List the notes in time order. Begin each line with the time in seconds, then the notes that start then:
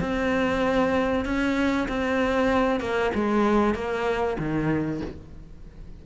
0.00 C4
1.25 C#4
1.88 C4
2.80 A#3
3.14 G#3
3.74 A#3
4.38 D#3